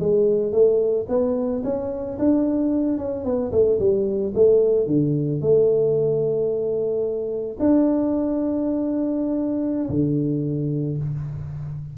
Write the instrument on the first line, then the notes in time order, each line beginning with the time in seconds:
tuba
0.00 G#3
0.52 A3
1.09 B3
1.64 C#4
2.19 D4
2.98 C#4
3.25 B3
3.52 A3
3.79 G3
4.35 A3
4.87 D3
5.41 A3
7.59 D4
9.89 D3